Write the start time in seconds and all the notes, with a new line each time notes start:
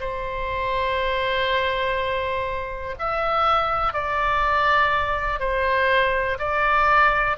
0.00 C5
2.99 E5
3.93 D5
5.39 C5
6.38 D5